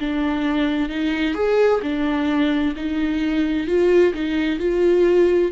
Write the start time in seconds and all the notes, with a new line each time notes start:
0.00 D4
0.89 D#4
1.35 G#4
1.83 D4
2.77 D#4
3.68 F4
4.14 D#4
4.60 F4